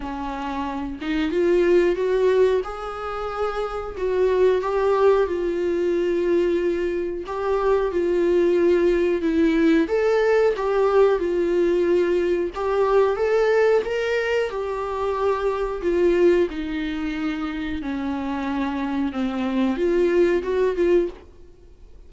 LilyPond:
\new Staff \with { instrumentName = "viola" } { \time 4/4 \tempo 4 = 91 cis'4. dis'8 f'4 fis'4 | gis'2 fis'4 g'4 | f'2. g'4 | f'2 e'4 a'4 |
g'4 f'2 g'4 | a'4 ais'4 g'2 | f'4 dis'2 cis'4~ | cis'4 c'4 f'4 fis'8 f'8 | }